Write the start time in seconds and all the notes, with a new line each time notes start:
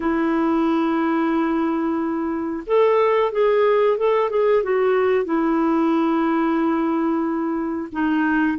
0.00 E4
2.66 A4
3.32 G#4
3.97 A4
4.30 G#4
4.63 F#4
5.24 E4
7.92 D#4